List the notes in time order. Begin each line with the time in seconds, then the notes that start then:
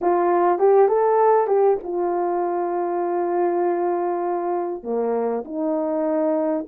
0.01 F4
0.58 G4
0.88 A4
1.47 G4
1.83 F4
4.83 A#3
5.44 D#4